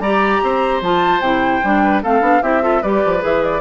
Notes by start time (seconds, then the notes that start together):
0.00 G3 G4 D5 A#5
0.43 C4 C5
0.81 F3 F4 A5
1.21 C3 E4 G5
1.64 G3 D4
1.84 B4
2.03 A3 C4 A4 F5
2.21 B3 D4
2.43 C4 E4 G4 E5
2.62 F4 A4
2.83 G3 G4 B4 D5
3.05 F3
3.20 E3 G#4 E5
3.45 D5